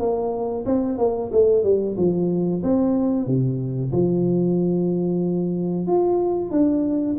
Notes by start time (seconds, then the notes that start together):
0.00 A#3
0.66 C4
0.98 A#3
1.33 A3
1.64 G3
1.97 F3
2.64 C4
3.27 C3
3.92 F3
5.87 F4
6.52 D4